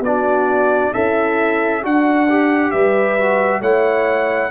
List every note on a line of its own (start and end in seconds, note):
0.00 0.90 B3
0.00 0.92 F#4
0.00 0.94 D5
0.07 0.94 D4
0.92 1.84 C#4
0.92 1.81 E4
0.92 1.83 A4
0.92 1.83 E5
1.82 2.72 D4
1.82 2.73 D4
1.82 2.28 F#4
1.82 2.71 F#5
2.29 3.19 G4
2.71 3.61 G3
2.71 3.61 B4
2.71 3.61 E5
3.19 3.63 F#4
3.61 4.50 A3
3.61 4.51 E4
3.61 4.51 C#5
3.61 4.51 F#5